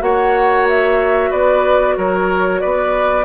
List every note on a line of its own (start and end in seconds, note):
0.00 1.32 A#3
0.00 3.25 F#4
0.00 1.31 C#5
0.00 0.67 F#5
0.69 1.32 E5
1.31 1.98 B3
1.31 1.96 B4
1.31 1.97 D5
1.98 2.63 F#3
1.98 2.62 A#4
1.98 2.61 C#5
2.61 3.25 B3
2.61 3.25 B4
2.61 3.25 D5